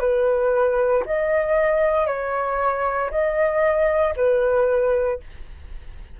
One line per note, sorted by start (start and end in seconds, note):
0.00 1.03 B4
1.06 2.07 D#5
2.07 3.10 C#5
3.11 4.14 D#5
4.16 5.20 B4